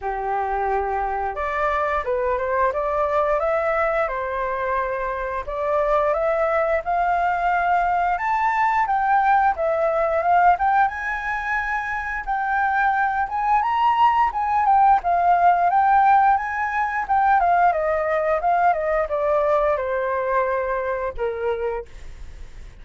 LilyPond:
\new Staff \with { instrumentName = "flute" } { \time 4/4 \tempo 4 = 88 g'2 d''4 b'8 c''8 | d''4 e''4 c''2 | d''4 e''4 f''2 | a''4 g''4 e''4 f''8 g''8 |
gis''2 g''4. gis''8 | ais''4 gis''8 g''8 f''4 g''4 | gis''4 g''8 f''8 dis''4 f''8 dis''8 | d''4 c''2 ais'4 | }